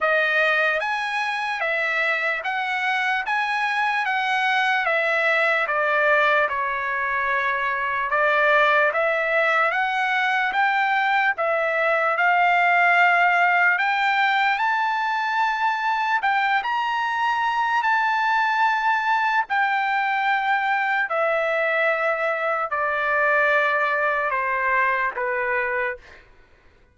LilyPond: \new Staff \with { instrumentName = "trumpet" } { \time 4/4 \tempo 4 = 74 dis''4 gis''4 e''4 fis''4 | gis''4 fis''4 e''4 d''4 | cis''2 d''4 e''4 | fis''4 g''4 e''4 f''4~ |
f''4 g''4 a''2 | g''8 ais''4. a''2 | g''2 e''2 | d''2 c''4 b'4 | }